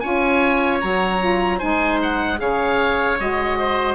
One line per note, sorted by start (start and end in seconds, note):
0.00 0.83 C#4
0.00 0.81 F4
0.00 1.58 C#5
0.00 0.79 G#5
0.80 1.62 F#3
0.80 1.20 F#4
0.80 1.59 A#5
1.20 1.59 F4
1.58 2.40 G#3
1.58 2.37 D#4
1.58 2.37 C5
1.58 1.99 G#5
2.02 2.40 F#5
2.37 3.19 C#3
2.37 3.16 G#4
2.37 3.59 C#5
2.37 3.19 F5
3.18 3.95 G#3
3.18 3.95 F#4
3.18 3.95 D#5
3.59 3.95 C5